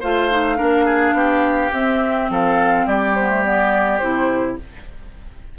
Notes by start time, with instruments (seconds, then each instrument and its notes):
0.00 bassoon A3, clarinet F4, oboe C5, flute F5
0.31 clarinet D#4
0.56 bassoon A#3, clarinet D4, oboe A#4
0.85 oboe G#4
1.13 bassoon B3, oboe G4
1.72 bassoon C4, clarinet C4, flute E5
2.30 bassoon F3, oboe A4, flute F5
2.86 bassoon G3, oboe G4, flute D5
3.15 clarinet B3, flute C5
3.29 clarinet A3
3.44 clarinet B3, flute D5
3.98 bassoon C3, clarinet E4, flute C5